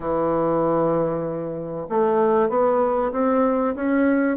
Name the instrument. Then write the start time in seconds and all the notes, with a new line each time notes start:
bassoon
0.00 E3
1.89 A3
2.49 B3
3.12 C4
3.75 C#4